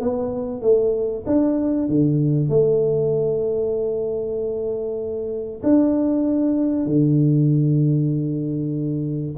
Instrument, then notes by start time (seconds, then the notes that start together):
tuba
0.00 B3
0.62 A3
1.26 D4
1.88 D3
2.49 A3
5.63 D4
6.86 D3